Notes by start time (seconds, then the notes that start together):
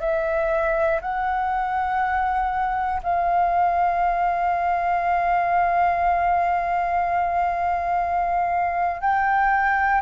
0.00 E5
1.01 F#5
3.03 F5
9.01 G5